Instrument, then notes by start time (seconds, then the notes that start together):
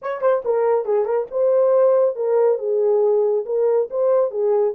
horn
0.02 C#5
0.21 C5
0.44 A#4
0.85 G#4
1.05 A#4
1.30 C5
2.15 A#4
2.58 G#4
3.45 A#4
3.90 C5
4.30 G#4